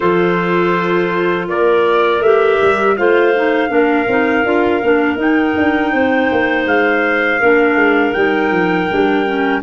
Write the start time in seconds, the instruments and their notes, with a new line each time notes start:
0.00 tuba F3, clarinet F4 A4, trumpet C5
1.48 tuba A#3, clarinet A#4, trumpet D5
2.20 tuba A3, clarinet G4, trumpet E5
2.61 tuba G3
2.96 tuba A3, clarinet F4 C5, trumpet F5
3.34 clarinet D#4
3.68 tuba A#3, clarinet D4 A#4
4.07 tuba C4, clarinet D#4
4.44 tuba D4, clarinet F4
4.82 tuba A#3, clarinet D4
5.16 tuba D#4, clarinet D#4, trumpet G5
5.56 tuba D4
5.92 tuba C4, clarinet C5
6.31 tuba A#3
6.65 tuba G#3, trumpet F5
7.40 tuba A#3, clarinet D4 A#4
7.75 tuba G#3
8.13 tuba G3, clarinet D#4, trumpet G5
8.50 tuba F3
8.89 tuba G3, clarinet D4
9.25 clarinet C#4